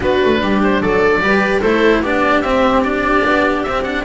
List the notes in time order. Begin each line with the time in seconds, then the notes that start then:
0.00 B3 D4 F#4 B4
0.24 A3
0.41 G3 G4
0.63 C5
0.81 F#3 A4 D5
1.20 G3 G4 B4
1.60 A3 E4 A4 C5
2.01 B3 D4 G4 D5
2.41 C4 E5
2.83 D4 D5
3.26 B3
3.62 C4 E5
3.68 C4
3.83 D4 F#5